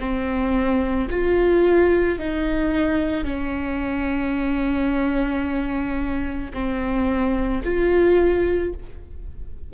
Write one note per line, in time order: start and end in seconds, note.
0.00 1.09 C4
1.11 2.19 F4
2.19 3.25 D#4
3.25 6.52 C#4
6.54 7.63 C4
7.65 8.74 F4